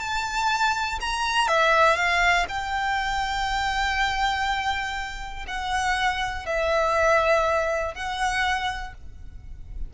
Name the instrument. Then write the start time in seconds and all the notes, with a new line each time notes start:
violin
0.00 A5
1.01 A#5
1.48 E5
1.96 F5
2.48 G5
5.47 F#5
6.46 E5
7.95 F#5